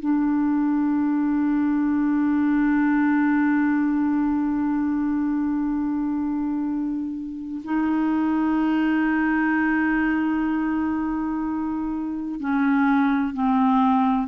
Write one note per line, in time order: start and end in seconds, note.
0.00 7.62 D4
7.64 12.40 D#4
12.40 13.34 C#4
13.34 14.28 C4